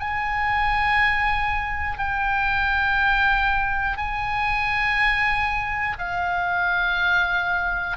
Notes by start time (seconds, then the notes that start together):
0.00 G#5
1.99 G5
3.97 G#5
5.99 F5